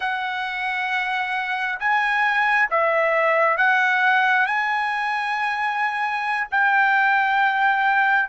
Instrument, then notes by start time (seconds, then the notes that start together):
trumpet
0.00 F#5
1.79 G#5
2.70 E5
3.57 F#5
4.46 G#5
6.51 G5